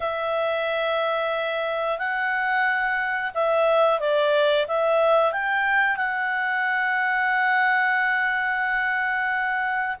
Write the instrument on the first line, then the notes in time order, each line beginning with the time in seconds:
clarinet
0.00 E5
1.98 F#5
3.34 E5
3.99 D5
4.67 E5
5.32 G5
5.96 F#5